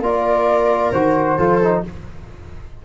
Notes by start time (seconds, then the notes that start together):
0.00 A#3 F4 A#4 D5
0.92 D#3 F#4 C5
1.37 F3 F4 A4
1.62 D#4